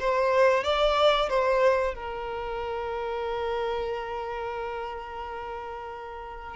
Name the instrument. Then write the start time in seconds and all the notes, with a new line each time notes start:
violin
0.00 C5
0.64 D5
1.29 C5
1.95 A#4